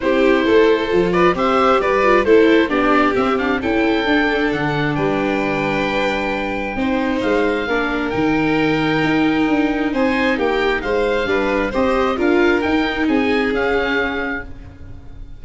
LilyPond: <<
  \new Staff \with { instrumentName = "oboe" } { \time 4/4 \tempo 4 = 133 c''2~ c''8 d''8 e''4 | d''4 c''4 d''4 e''8 f''8 | g''2 fis''4 g''4~ | g''1 |
f''2 g''2~ | g''2 gis''4 g''4 | f''2 dis''4 f''4 | g''4 gis''4 f''2 | }
  \new Staff \with { instrumentName = "violin" } { \time 4/4 g'4 a'4. b'8 c''4 | b'4 a'4 g'2 | a'2. b'4~ | b'2. c''4~ |
c''4 ais'2.~ | ais'2 c''4 g'4 | c''4 b'4 c''4 ais'4~ | ais'4 gis'2. | }
  \new Staff \with { instrumentName = "viola" } { \time 4/4 e'2 f'4 g'4~ | g'8 f'8 e'4 d'4 c'8 d'8 | e'4 d'2.~ | d'2. dis'4~ |
dis'4 d'4 dis'2~ | dis'1~ | dis'4 d'4 g'4 f'4 | dis'2 cis'2 | }
  \new Staff \with { instrumentName = "tuba" } { \time 4/4 c'4 a4 f4 c'4 | g4 a4 b4 c'4 | cis'4 d'4 d4 g4~ | g2. c'4 |
gis4 ais4 dis2 | dis'4 d'4 c'4 ais4 | gis4 g4 c'4 d'4 | dis'4 c'4 cis'2 | }
>>